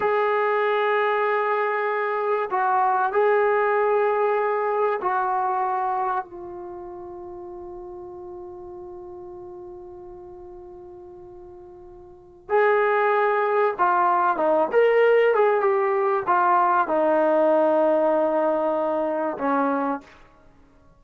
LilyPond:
\new Staff \with { instrumentName = "trombone" } { \time 4/4 \tempo 4 = 96 gis'1 | fis'4 gis'2. | fis'2 f'2~ | f'1~ |
f'1 | gis'2 f'4 dis'8 ais'8~ | ais'8 gis'8 g'4 f'4 dis'4~ | dis'2. cis'4 | }